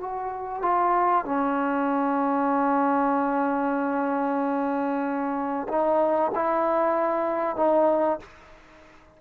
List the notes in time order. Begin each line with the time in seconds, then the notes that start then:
0.00 F#4
0.62 F4
1.25 C#4
5.68 D#4
6.35 E4
7.56 D#4